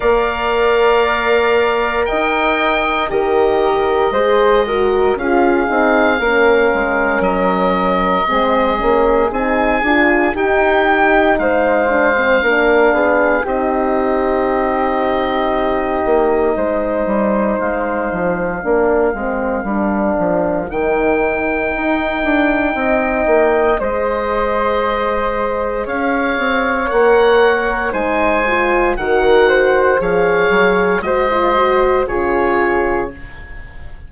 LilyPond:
<<
  \new Staff \with { instrumentName = "oboe" } { \time 4/4 \tempo 4 = 58 f''2 g''4 dis''4~ | dis''4 f''2 dis''4~ | dis''4 gis''4 g''4 f''4~ | f''4 dis''2.~ |
dis''4 f''2. | g''2. dis''4~ | dis''4 f''4 fis''4 gis''4 | fis''4 f''4 dis''4 cis''4 | }
  \new Staff \with { instrumentName = "flute" } { \time 4/4 d''2 dis''4 ais'4 | c''8 ais'8 gis'4 ais'2 | gis'2 g'4 c''4 | ais'8 gis'8 g'2. |
c''2 ais'2~ | ais'2 dis''4 c''4~ | c''4 cis''2 c''4 | ais'8 c''8 cis''4 c''4 gis'4 | }
  \new Staff \with { instrumentName = "horn" } { \time 4/4 ais'2. g'4 | gis'8 fis'8 f'8 dis'8 cis'2 | c'8 cis'8 dis'8 f'8 dis'4. d'16 c'16 | d'4 dis'2.~ |
dis'2 d'8 c'8 d'4 | dis'2. gis'4~ | gis'2 ais'4 dis'8 f'8 | fis'4 gis'4 fis'16 f'16 fis'8 f'4 | }
  \new Staff \with { instrumentName = "bassoon" } { \time 4/4 ais2 dis'4 dis4 | gis4 cis'8 c'8 ais8 gis8 fis4 | gis8 ais8 c'8 d'8 dis'4 gis4 | ais8 b8 c'2~ c'8 ais8 |
gis8 g8 gis8 f8 ais8 gis8 g8 f8 | dis4 dis'8 d'8 c'8 ais8 gis4~ | gis4 cis'8 c'8 ais4 gis4 | dis4 f8 fis8 gis4 cis4 | }
>>